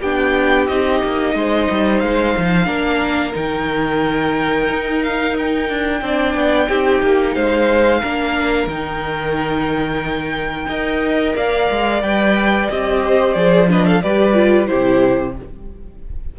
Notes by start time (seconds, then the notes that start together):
0.00 B3 D4 G4 G5
0.67 C4 D#4 D#5
1.04 A#3
1.35 G#3 C5
1.71 G3
2.00 G#3 F5
2.38 F3
2.66 A#3 D4 A#4
3.34 D#3 D#4 G5
4.70 D#4
5.03 F5
5.39 G5
5.70 D4
6.02 C4 D4 D5
6.35 B3
6.68 C4 D#4 G4
7.03 A#3
7.35 G#3 C5 F5
8.01 A#3 D4 A#4
8.67 D#3 D#4 G5
10.68 D#4 A#4 D#5
11.36 A#3 D5 F5
11.71 G#3
12.03 G3 B4 G5
12.70 C4 G4 D#5
13.05 C5
13.34 F3 G#4 D5
13.69 D4 B4 D#5
13.86 A4 F5
14.02 G3 G4 B4 D5
14.34 F4
14.67 C3 E4 G4 C5